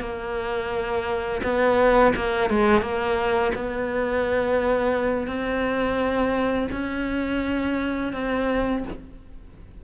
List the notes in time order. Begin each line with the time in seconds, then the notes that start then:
0.00 A#3
1.43 B3
2.16 A#3
2.50 G#3
2.81 A#3
3.55 B3
5.27 C4
6.71 C#4
8.13 C4